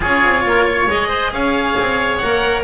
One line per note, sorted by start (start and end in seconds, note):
0.00 0.24 C#4
0.00 0.88 F4
0.00 0.43 G#4
0.00 0.90 C#5
0.24 0.44 C4
0.44 0.87 A#3
0.44 0.64 A#4
0.64 1.08 C#5
0.87 1.31 G#3
0.87 2.22 G#4
0.87 1.33 D#5
1.08 1.30 C5
1.31 1.75 C#4
1.31 2.64 C#5
1.31 2.17 F5
1.77 2.22 C4
2.17 2.64 A#3
2.17 2.64 A#4
2.17 2.61 F#5